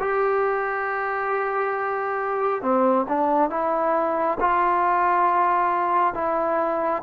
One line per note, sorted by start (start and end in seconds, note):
0.00 2.62 G4
2.62 3.06 C4
3.08 3.50 D4
3.50 4.38 E4
4.40 6.14 F4
6.14 7.02 E4